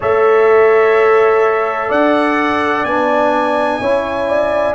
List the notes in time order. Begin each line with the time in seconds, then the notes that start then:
0.00 A3 A4 C#5 E5
1.88 D4 D5 F#5
2.84 B3 D4 G#5
3.81 C#4 E4 C#5
4.28 D5